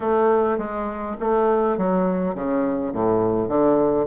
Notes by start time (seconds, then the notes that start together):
0.00 A3
0.58 G#3
1.20 A3
1.77 F#3
2.35 C#3
2.92 A2
3.48 D3